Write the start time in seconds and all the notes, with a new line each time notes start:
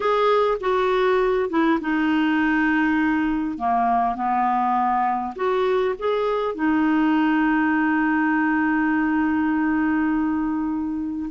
0.00 G#4
0.60 F#4
1.49 E4
1.80 D#4
3.58 A#3
4.15 B3
5.35 F#4
5.98 G#4
6.54 D#4